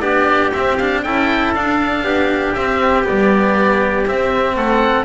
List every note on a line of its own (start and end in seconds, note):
0.00 0.50 B3
0.00 0.52 D4
0.00 1.03 G4
0.00 0.50 D5
0.53 0.79 C4
0.53 1.06 C4
0.53 0.77 E5
0.77 1.05 D4
0.77 1.02 F5
1.03 1.55 C#4
1.03 1.56 E4
1.03 2.04 A4
1.03 1.53 G5
1.55 2.03 D4
1.55 2.56 D4
1.55 2.54 F5
2.03 2.54 B3
2.03 4.56 G4
2.54 3.04 C4
2.54 3.06 C4
2.54 3.04 E5
3.04 4.08 G3
3.04 4.05 B3
3.04 4.07 D5
4.07 5.05 C4
4.07 4.55 C4
4.07 4.57 E5
4.55 5.05 A3
4.55 5.05 A4
4.55 5.05 F#5